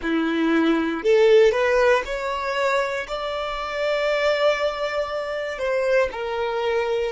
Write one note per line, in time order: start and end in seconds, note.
0.02 1.03 E4
1.03 1.52 A4
1.52 2.02 B4
2.05 3.06 C#5
3.07 5.58 D5
5.58 6.09 C5
6.12 7.12 A#4